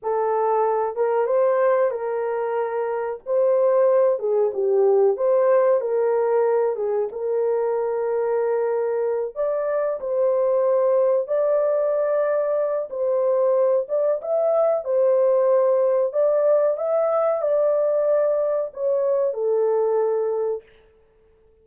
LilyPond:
\new Staff \with { instrumentName = "horn" } { \time 4/4 \tempo 4 = 93 a'4. ais'8 c''4 ais'4~ | ais'4 c''4. gis'8 g'4 | c''4 ais'4. gis'8 ais'4~ | ais'2~ ais'8 d''4 c''8~ |
c''4. d''2~ d''8 | c''4. d''8 e''4 c''4~ | c''4 d''4 e''4 d''4~ | d''4 cis''4 a'2 | }